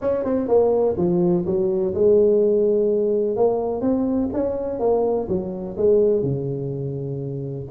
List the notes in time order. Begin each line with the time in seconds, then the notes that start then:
0.01 C#4
0.24 C4
0.47 A#3
0.97 F3
1.45 F#3
1.94 G#3
3.36 A#3
3.81 C4
4.33 C#4
4.79 A#3
5.28 F#3
5.77 G#3
6.22 C#3